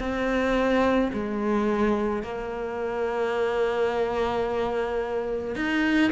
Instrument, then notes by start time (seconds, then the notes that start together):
cello
0.00 C4
1.14 G#3
2.23 A#3
5.56 D#4